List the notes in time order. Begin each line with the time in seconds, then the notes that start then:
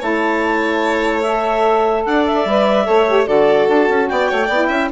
0.00 A3 E4 C#5 A5
1.22 A4 E5
2.05 D4 D5 F#5
2.26 E5
2.45 G3 B4
2.84 A3 A4 C#5
3.08 G4
3.25 D3 F#4 A4 D5
3.68 D4 A5
3.89 C#4
4.09 B3 D5 G5
4.29 A3 C#5
4.46 B3 E4 D5
4.69 C#4 E5